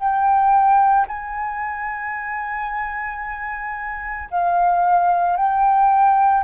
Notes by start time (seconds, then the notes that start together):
0.00 G5
1.08 G#5
4.31 F5
5.37 G5